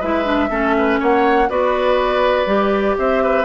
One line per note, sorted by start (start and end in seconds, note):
0.00 0.50 G#3
0.00 0.24 E4
0.00 0.49 B4
0.00 1.00 E5
0.24 0.49 D4
0.50 0.99 A3
0.50 1.48 C#4
0.50 0.75 A4
0.78 0.99 B4
0.99 1.49 A#3
0.99 1.49 C#5
0.99 1.49 F#5
1.49 2.46 B3
1.49 2.46 F#4
1.49 2.97 B4
1.49 2.97 D5
2.46 2.95 G3
2.46 3.44 G4
2.98 3.45 C4
2.98 3.23 C5
2.98 3.45 E5
3.23 3.45 B4